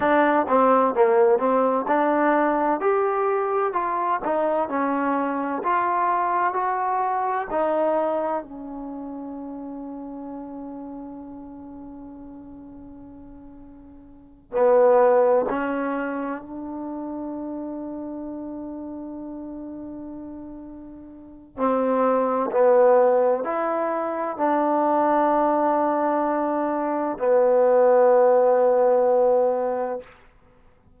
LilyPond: \new Staff \with { instrumentName = "trombone" } { \time 4/4 \tempo 4 = 64 d'8 c'8 ais8 c'8 d'4 g'4 | f'8 dis'8 cis'4 f'4 fis'4 | dis'4 cis'2.~ | cis'2.~ cis'8 b8~ |
b8 cis'4 d'2~ d'8~ | d'2. c'4 | b4 e'4 d'2~ | d'4 b2. | }